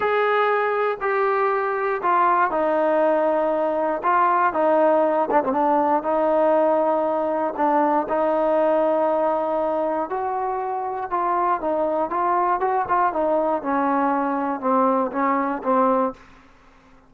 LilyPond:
\new Staff \with { instrumentName = "trombone" } { \time 4/4 \tempo 4 = 119 gis'2 g'2 | f'4 dis'2. | f'4 dis'4. d'16 c'16 d'4 | dis'2. d'4 |
dis'1 | fis'2 f'4 dis'4 | f'4 fis'8 f'8 dis'4 cis'4~ | cis'4 c'4 cis'4 c'4 | }